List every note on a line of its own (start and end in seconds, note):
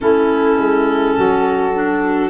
0.00 0.57 A3
0.00 1.73 C#4
0.00 1.16 E4
0.00 2.30 A4
0.57 1.15 G#3
1.16 2.30 F#3
1.16 2.30 F#4
1.74 2.30 D4